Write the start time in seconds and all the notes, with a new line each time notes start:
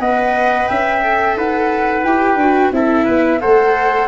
0.00 B3 B4 D#5 F#5
0.68 C#4 E5 G5
1.02 A4
1.37 D#4 B4 F#5
2.04 E4 G4 G5
2.36 D4 F#4
2.72 C4 E4 A4 E5
3.05 B3 B4
3.41 A3 A4 C5 F#5